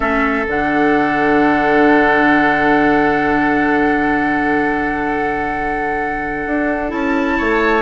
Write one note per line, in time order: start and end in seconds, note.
0.00 0.45 A3
0.00 0.45 C#4
0.00 7.34 A4
0.00 0.46 E5
0.47 6.46 D3
0.47 6.88 D4
0.47 6.92 F#5
6.46 6.92 D4
6.88 7.38 C#4
6.88 7.80 E4
6.88 7.82 A5
7.37 7.82 A3
7.37 7.82 C#5